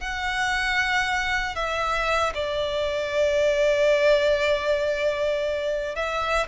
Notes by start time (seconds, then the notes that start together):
0.00 F#5
1.55 E5
2.34 D5
5.95 E5